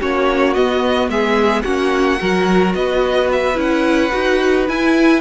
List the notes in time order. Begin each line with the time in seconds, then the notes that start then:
0.00 A#3 C#4 F#4 C#5
0.54 B3 D#5
1.08 G#3 G#4 E5
1.62 A#3 C#4 F#4 F#5
2.18 F#3 F#4 A#4
2.75 B3 B4 D#5
3.32 E5
3.54 C#4 E4 F#5
4.11 D#4 F#4
4.68 E4 G#5